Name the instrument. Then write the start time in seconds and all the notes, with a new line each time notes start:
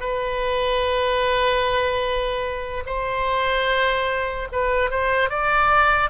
oboe
0.00 B4
2.86 C5
4.52 B4
4.90 C5
5.30 D5